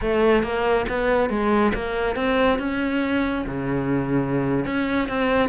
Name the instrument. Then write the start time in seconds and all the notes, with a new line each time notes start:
cello
0.01 A3
0.43 A#3
0.88 B3
1.29 G#3
1.74 A#3
2.15 C4
2.58 C#4
3.47 C#3
4.65 C#4
5.08 C4